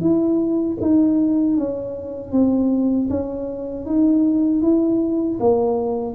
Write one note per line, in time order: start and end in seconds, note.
0.00 0.77 E4
0.80 1.57 D#4
1.57 2.31 C#4
2.31 3.08 C4
3.09 3.85 C#4
3.85 4.61 D#4
4.61 5.38 E4
5.39 6.14 A#3